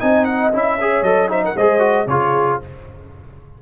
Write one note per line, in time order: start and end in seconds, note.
0.00 0.53 C4
0.00 0.52 D#4
0.00 0.78 D#5
0.00 0.24 G#5
0.24 0.51 F#5
0.52 1.02 C#4
0.52 0.79 E4
0.52 1.03 E5
0.80 1.05 G#4
0.80 1.30 C#5
1.02 1.54 F#3
1.02 1.28 A4
1.02 1.29 D#5
1.28 1.55 D#4
1.28 1.43 C5
1.28 1.44 E5
1.44 1.56 A#4
1.44 1.57 F#5
1.56 2.06 G#3
1.56 1.79 G#4
1.56 2.08 C5
1.56 2.08 D#5
1.79 2.05 F#4
2.06 2.58 C#3
2.06 2.62 F4
2.06 2.62 G#4
2.06 2.60 C#5